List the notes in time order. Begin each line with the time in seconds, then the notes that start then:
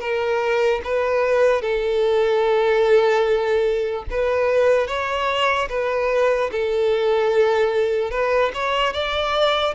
0.00 A#4
0.84 B4
1.62 A4
4.11 B4
4.87 C#5
5.69 B4
6.52 A4
8.11 B4
8.54 C#5
8.93 D5